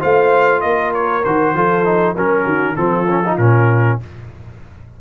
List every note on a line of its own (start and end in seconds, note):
0.00 0.64 A3
0.00 1.23 F4
0.00 0.61 C5
0.00 0.61 F5
0.61 1.25 A#3
0.61 1.56 A#4
0.61 0.92 D#5
0.94 1.25 C#5
1.25 1.55 D#3
1.25 1.56 F#4
1.25 2.16 C5
1.55 2.16 F3
1.55 1.85 F4
1.55 2.16 A4
1.85 2.16 D#4
2.16 2.46 F#3
2.16 2.77 C#4
2.16 2.44 A#4
2.16 2.76 A#4
2.44 2.77 D#3
2.44 2.75 F#4
2.76 3.38 F3
2.76 3.07 C4
2.76 4.01 F4
2.76 3.38 A4
3.09 3.24 C#4
3.26 3.40 D#4
3.38 3.99 A#2
3.38 4.01 C#4
3.38 3.99 A#4